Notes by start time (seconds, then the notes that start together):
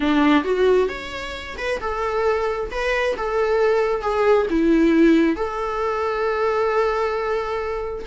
0.00 D4
0.44 F#4
0.88 C#5
1.57 B4
1.80 A4
2.71 B4
3.16 A4
4.01 G#4
4.50 E4
5.36 A4